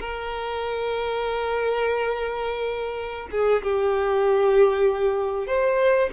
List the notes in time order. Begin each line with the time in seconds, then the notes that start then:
0.00 A#4
3.31 G#4
3.63 G4
5.47 C5